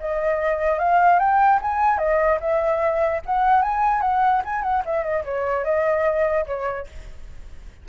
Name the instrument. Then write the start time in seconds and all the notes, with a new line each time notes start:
flute
0.00 D#5
0.79 F5
1.19 G5
1.62 G#5
1.98 D#5
2.40 E5
3.26 F#5
3.62 G#5
4.01 F#5
4.45 G#5
4.63 F#5
4.85 E5
5.03 D#5
5.24 C#5
5.64 D#5
6.46 C#5